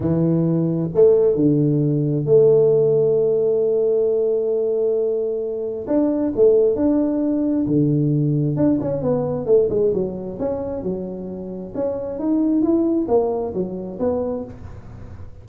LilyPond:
\new Staff \with { instrumentName = "tuba" } { \time 4/4 \tempo 4 = 133 e2 a4 d4~ | d4 a2.~ | a1~ | a4 d'4 a4 d'4~ |
d'4 d2 d'8 cis'8 | b4 a8 gis8 fis4 cis'4 | fis2 cis'4 dis'4 | e'4 ais4 fis4 b4 | }